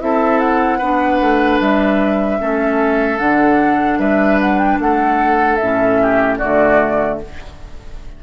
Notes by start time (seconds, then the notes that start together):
0.00 C4 E4 A4 E5
0.39 F#5
0.78 B3 D4 B4
1.21 A3
1.60 G3 E5
2.39 A3 C#4 A4
3.19 D3 D4 F#5
3.99 G3 B4 E5
4.41 F#5
4.59 G5
4.79 A3 A4 F#5
5.56 A2 E5
5.63 C#4
6.02 G4
6.38 D3 A3 F#4 D5